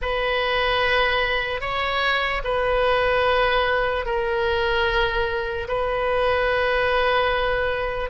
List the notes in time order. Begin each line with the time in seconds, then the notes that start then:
0.01 B4
1.60 C#5
2.43 B4
4.05 A#4
5.68 B4